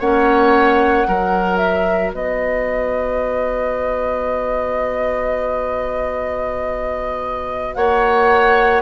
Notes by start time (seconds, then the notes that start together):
0.00 A#3 C#4 C#5 F#5
1.07 F#3 F#4 A#4
1.57 E5
2.13 B3 B4 D#5
7.75 A#3 C#5 F#5